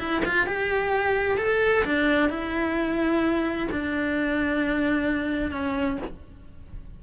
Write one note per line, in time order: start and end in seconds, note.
0.00 0.23 E4
0.25 0.47 F4
0.47 1.38 G4
1.38 1.85 A4
1.85 2.30 D4
2.30 3.68 E4
3.72 5.52 D4
5.52 5.98 C#4